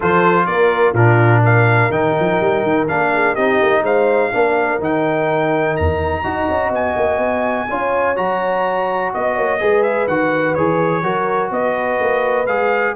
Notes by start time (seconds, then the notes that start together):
0.00 F3 F4 A4 C5
0.46 A#3 A#4 D5
0.93 A#2 D4 F4 A#4
1.43 A#4 F5
1.90 D#3 D#4 G5
2.19 F3
2.40 G3
2.62 D#3
2.88 A#3 D4 F5
3.13 G#4
3.33 C4 D#4 G4 D#5
3.62 A#3
3.82 G#3 C5 F5
4.32 A#3 D4 A#4
4.79 D#3 D#4 G5
5.76 E2 A#5
6.23 D#4 F#4 D#5
6.48 C#4
6.69 B3 G#5
6.96 A#3
7.17 B3
7.69 C#4 F4 C#5
8.15 F#3 F#4 A#5
9.13 B3 D#5
9.35 A#3 C#5
9.59 G#3 G#4 B4
9.82 E5
10.07 D#3 F#4 F#5
10.54 E3 G#4 C#5
11.02 F#3 F#4 A#4
11.51 B3 B4 D#5
12.00 A#3
12.46 G#3 G#4 F5